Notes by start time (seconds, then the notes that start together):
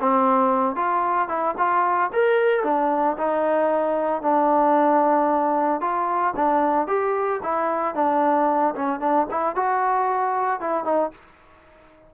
0.00 C4
0.75 F4
1.28 E4
1.57 F4
2.13 A#4
2.63 D4
3.17 D#4
4.21 D4
5.80 F4
6.36 D4
6.87 G4
7.42 E4
7.94 D4
8.75 C#4
9.00 D4
9.30 E4
9.55 F#4
10.60 E4
10.84 D#4